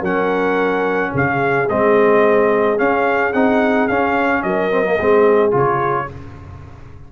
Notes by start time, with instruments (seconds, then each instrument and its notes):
0.00 tuba F#3, trombone C#4, horn A#4, trumpet F#5
1.13 tuba C#3, horn G#4, trumpet F5
1.69 tuba G#3, trombone C4, trumpet D#5
2.77 trombone C#4, tuba C#4, trumpet F5
3.33 tuba C4, trombone D#4, trumpet F#5
3.88 tuba C#4, trombone C#4, trumpet F5
4.43 tuba F#3, horn A#4, trumpet D#5
4.71 trombone C4
4.85 trombone A#3
4.96 tuba G#3, trombone C4, horn G#4
5.51 tuba C#3, trombone F4, trumpet C#5